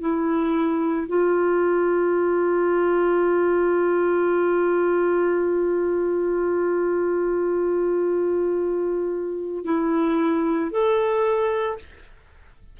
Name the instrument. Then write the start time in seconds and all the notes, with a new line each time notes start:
clarinet
0.00 E4
1.07 F4
9.64 E4
10.71 A4